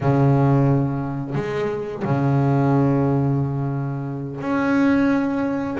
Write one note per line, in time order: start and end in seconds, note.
0.00 1.35 C#3
1.35 2.03 G#3
2.04 4.40 C#3
4.40 5.77 C#4